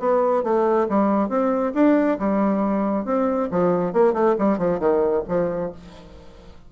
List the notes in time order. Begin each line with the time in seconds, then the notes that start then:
0.00 B3
0.44 A3
0.89 G3
1.29 C4
1.75 D4
2.20 G3
3.06 C4
3.52 F3
3.94 A#3
4.14 A3
4.39 G3
4.59 F3
4.80 D#3
5.29 F3